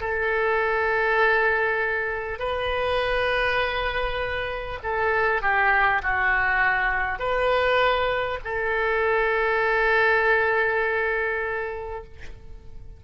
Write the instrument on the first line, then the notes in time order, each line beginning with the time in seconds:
oboe
0.00 A4
2.38 B4
4.83 A4
5.41 G4
6.02 F#4
7.18 B4
8.44 A4